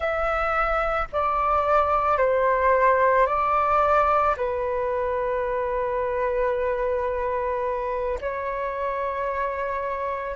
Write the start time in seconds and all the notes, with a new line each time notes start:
0.00 E5
1.12 D5
2.17 C5
3.26 D5
4.36 B4
8.20 C#5